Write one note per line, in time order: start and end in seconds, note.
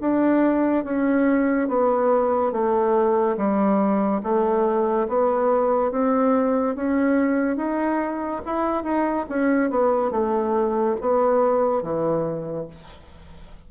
0.00 0.84 D4
0.84 1.68 C#4
1.68 2.52 B3
2.52 3.36 A3
3.36 4.21 G3
4.23 5.07 A3
5.08 5.91 B3
5.91 6.75 C4
6.75 7.56 C#4
7.56 8.41 D#4
8.45 8.83 E4
8.83 9.25 D#4
9.28 9.70 C#4
9.70 10.11 B3
10.11 10.95 A3
11.01 11.82 B3
11.82 12.66 E3